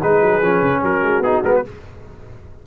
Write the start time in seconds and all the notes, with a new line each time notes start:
0.00 G#3 D#4 G#4 B4
0.21 F#3
0.42 F3 C#4
0.62 C#3
0.82 F#3 F#4 A#4
1.02 G#3
1.20 B3 D#4 G#4
1.43 G#3 B3 A#4
1.55 B4